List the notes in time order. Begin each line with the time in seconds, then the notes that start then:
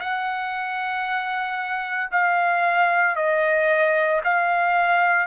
0.00 F#5
2.11 F5
3.16 D#5
4.24 F5